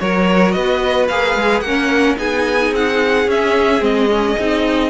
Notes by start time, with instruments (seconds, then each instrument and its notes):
0.00 cello F#3, viola F#4, violin A#4 C#5
0.52 cello B3, violin B4 D#5
1.08 cello A#3, viola G#4, violin F5
1.36 cello G#3
1.61 cello A#3, viola C#4, violin A#4 F#5
2.17 cello B3, viola D#4, violin G#4 G#5
2.72 cello C4, violin F#5
3.26 cello C#4, viola C#4, violin E5
3.80 cello G#3, viola C4, violin D#5
4.09 viola C#4
4.39 cello C4, viola D#4